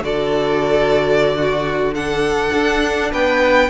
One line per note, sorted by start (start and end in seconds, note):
0.00 2.50 D3
0.00 1.93 F#4
0.00 1.35 A4
0.00 1.94 D5
1.35 1.94 F#4
1.94 3.69 D4
1.94 3.11 A4
1.94 3.12 F#5
2.53 3.12 D4
3.11 3.69 B3
3.11 3.69 B4
3.11 3.69 G5